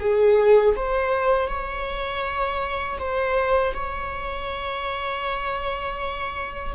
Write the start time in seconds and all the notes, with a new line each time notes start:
0.00 G#4
0.76 C5
1.48 C#5
2.99 C5
3.74 C#5